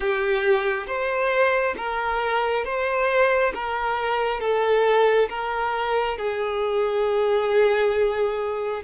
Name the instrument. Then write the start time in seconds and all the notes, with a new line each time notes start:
violin
0.00 G4
0.86 C5
1.76 A#4
2.64 C5
3.54 A#4
4.40 A4
5.29 A#4
6.17 G#4